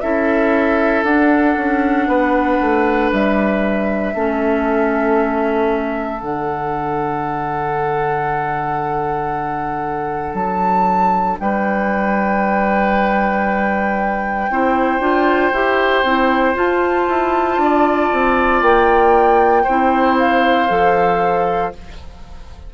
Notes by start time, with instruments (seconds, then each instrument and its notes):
0.00 bassoon C#4, clarinet E4, oboe A4, flute E5
1.03 bassoon D4, clarinet D4, flute F#5
1.56 bassoon C#4
2.07 bassoon B3, oboe B4
2.61 bassoon A3
3.12 bassoon G3, flute E5
4.14 bassoon A3, clarinet C#4, oboe A4
6.20 bassoon D3, clarinet D4, flute F#5
10.34 bassoon F#3, flute A5
11.39 bassoon G3, oboe B4, flute G5
14.50 bassoon C4, clarinet E4, oboe C5
15.00 bassoon D4, clarinet F4
15.52 bassoon E4, clarinet G4
16.03 bassoon C4, clarinet E4
16.55 clarinet F4, bassoon F4, flute A5
17.08 bassoon E4
17.57 bassoon D4, oboe D5
18.12 bassoon C4
18.62 bassoon A#3, flute G5
19.63 bassoon C4, clarinet E4, oboe C5
20.19 flute F5
20.69 bassoon F3, clarinet A4